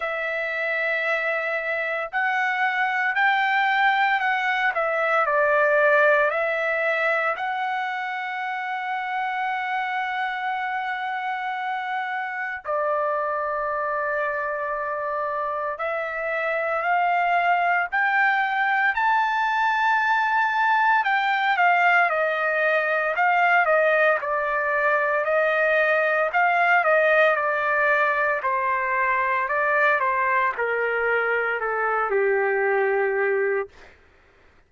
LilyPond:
\new Staff \with { instrumentName = "trumpet" } { \time 4/4 \tempo 4 = 57 e''2 fis''4 g''4 | fis''8 e''8 d''4 e''4 fis''4~ | fis''1 | d''2. e''4 |
f''4 g''4 a''2 | g''8 f''8 dis''4 f''8 dis''8 d''4 | dis''4 f''8 dis''8 d''4 c''4 | d''8 c''8 ais'4 a'8 g'4. | }